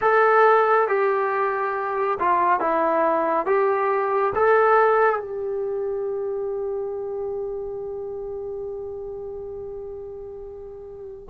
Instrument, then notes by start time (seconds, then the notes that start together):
trombone
0.01 A4
0.88 G4
2.19 F4
2.60 E4
3.46 G4
4.35 A4
5.19 G4